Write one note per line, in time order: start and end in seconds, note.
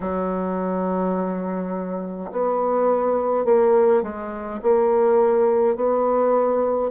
0.00 2.31 F#3
2.31 3.44 B3
3.44 4.02 A#3
4.02 4.60 G#3
4.62 5.75 A#3
5.75 6.90 B3